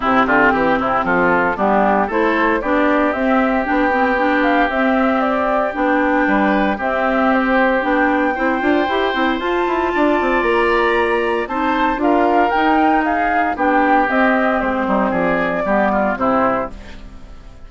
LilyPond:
<<
  \new Staff \with { instrumentName = "flute" } { \time 4/4 \tempo 4 = 115 g'2 a'4 g'4 | c''4 d''4 e''4 g''4~ | g''8 f''8 e''4 d''4 g''4~ | g''4 e''4 c''4 g''4~ |
g''2 a''2 | ais''2 a''4 f''4 | g''4 f''4 g''4 dis''4 | c''4 d''2 c''4 | }
  \new Staff \with { instrumentName = "oboe" } { \time 4/4 e'8 f'8 g'8 e'8 f'4 d'4 | a'4 g'2.~ | g'1 | b'4 g'2. |
c''2. d''4~ | d''2 c''4 ais'4~ | ais'4 gis'4 g'2~ | g'8 dis'8 gis'4 g'8 f'8 e'4 | }
  \new Staff \with { instrumentName = "clarinet" } { \time 4/4 c'2. b4 | e'4 d'4 c'4 d'8 c'8 | d'4 c'2 d'4~ | d'4 c'2 d'4 |
e'8 f'8 g'8 e'8 f'2~ | f'2 dis'4 f'4 | dis'2 d'4 c'4~ | c'2 b4 c'4 | }
  \new Staff \with { instrumentName = "bassoon" } { \time 4/4 c8 d8 e8 c8 f4 g4 | a4 b4 c'4 b4~ | b4 c'2 b4 | g4 c'2 b4 |
c'8 d'8 e'8 c'8 f'8 e'8 d'8 c'8 | ais2 c'4 d'4 | dis'2 b4 c'4 | gis8 g8 f4 g4 c4 | }
>>